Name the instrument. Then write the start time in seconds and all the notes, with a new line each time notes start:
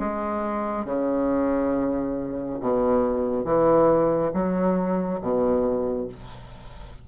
bassoon
0.00 G#3
0.85 C#3
2.60 B2
3.45 E3
4.34 F#3
5.21 B2